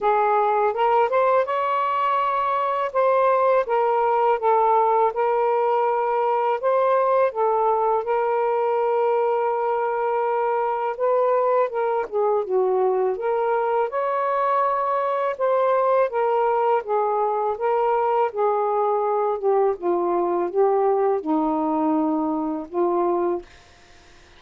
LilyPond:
\new Staff \with { instrumentName = "saxophone" } { \time 4/4 \tempo 4 = 82 gis'4 ais'8 c''8 cis''2 | c''4 ais'4 a'4 ais'4~ | ais'4 c''4 a'4 ais'4~ | ais'2. b'4 |
ais'8 gis'8 fis'4 ais'4 cis''4~ | cis''4 c''4 ais'4 gis'4 | ais'4 gis'4. g'8 f'4 | g'4 dis'2 f'4 | }